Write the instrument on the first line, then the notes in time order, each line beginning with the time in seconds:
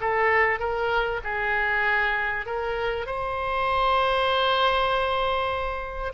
oboe
0.00 A4
0.59 A#4
1.23 G#4
2.45 A#4
3.06 C5